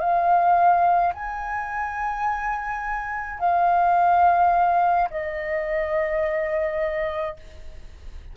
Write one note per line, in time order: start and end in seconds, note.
0.00 1.13 F5
1.14 3.39 G#5
3.39 5.09 F5
5.10 7.36 D#5